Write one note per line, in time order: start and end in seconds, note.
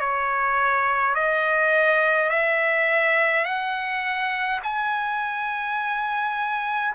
0.00 1.14 C#5
1.14 2.30 D#5
2.30 3.45 E5
3.45 4.60 F#5
4.63 6.94 G#5